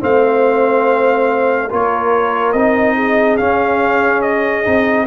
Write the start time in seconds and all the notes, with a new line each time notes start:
0.00 A3 C4 C5 F5
1.70 A#3 F4 A#4 C#5
2.53 C4 D#4 D#5
2.95 G#4
3.37 C#4 F5
4.22 D#5
4.64 C4 D#4